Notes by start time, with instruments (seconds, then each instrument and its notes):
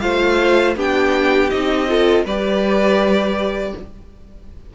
0.00 cello A3, viola F4, violin C5 F5
0.76 cello B3, viola D4, violin G4 G5
1.50 cello C4, viola D#4, violin D#5
1.88 viola F4, violin A4
2.25 cello G3, viola G4, violin B4 D5